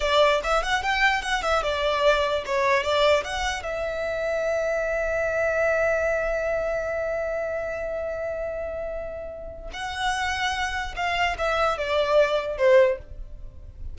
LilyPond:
\new Staff \with { instrumentName = "violin" } { \time 4/4 \tempo 4 = 148 d''4 e''8 fis''8 g''4 fis''8 e''8 | d''2 cis''4 d''4 | fis''4 e''2.~ | e''1~ |
e''1~ | e''1 | fis''2. f''4 | e''4 d''2 c''4 | }